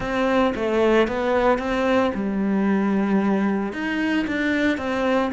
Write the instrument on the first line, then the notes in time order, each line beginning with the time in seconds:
cello
0.00 C4
0.55 A3
1.07 B3
1.58 C4
2.14 G3
3.73 D#4
4.27 D4
4.77 C4